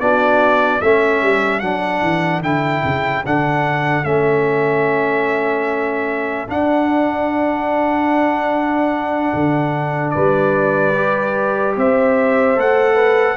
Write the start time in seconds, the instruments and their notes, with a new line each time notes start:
0.00 tuba B3, trombone D4, horn F#4, trumpet D5
0.82 tuba A3, trombone C#4, horn A4, trumpet E5
1.22 tuba G3
1.60 tuba F#3, trombone D4, trumpet F#5
2.02 tuba E3
2.42 tuba D3, trombone E4, trumpet G5
2.85 tuba C#3
3.26 tuba D3, trombone D4, trumpet F#5
4.05 tuba A3, trombone C#4, trumpet E5
6.48 trombone D4, tuba D4, trumpet F#5
9.35 tuba D3
10.11 tuba G3, horn B4, trumpet D5
10.95 trombone G4
11.77 tuba C4, horn C5, trumpet E5
12.56 tuba A3, trombone A4, trumpet F#5
12.95 horn B4